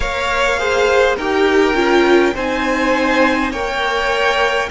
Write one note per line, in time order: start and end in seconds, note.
0.00 1.17 A#3
0.00 0.57 A#4
0.00 0.59 C#5
0.00 1.15 F5
0.58 1.17 G#4
0.58 1.16 C5
1.16 1.73 D#4
1.16 1.74 G4
1.16 2.33 A#4
1.16 2.36 G5
1.73 2.32 C#4
1.73 2.33 F4
2.34 3.51 C4
2.34 3.53 D#4
2.34 3.51 C5
2.34 3.51 G#5
3.51 4.69 A#3
3.51 4.70 A#4
3.51 4.69 C#5
3.51 4.69 G5